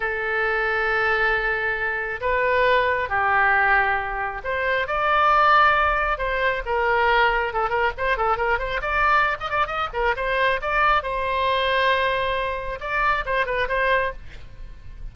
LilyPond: \new Staff \with { instrumentName = "oboe" } { \time 4/4 \tempo 4 = 136 a'1~ | a'4 b'2 g'4~ | g'2 c''4 d''4~ | d''2 c''4 ais'4~ |
ais'4 a'8 ais'8 c''8 a'8 ais'8 c''8 | d''4~ d''16 dis''16 d''8 dis''8 ais'8 c''4 | d''4 c''2.~ | c''4 d''4 c''8 b'8 c''4 | }